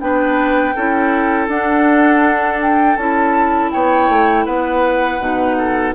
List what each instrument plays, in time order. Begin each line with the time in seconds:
0.00 bassoon B3, clarinet D4, oboe B4, flute G5
0.76 bassoon C#4, clarinet E4, oboe A4
1.48 bassoon D4, clarinet D4, flute F#5
2.62 flute G5
2.97 bassoon C#4, clarinet E4, flute A5
3.72 bassoon B3, oboe C#5, flute G5
4.09 bassoon A3
4.45 bassoon B3, oboe B4, flute F#5
5.20 bassoon B2, clarinet D#4
5.58 oboe A4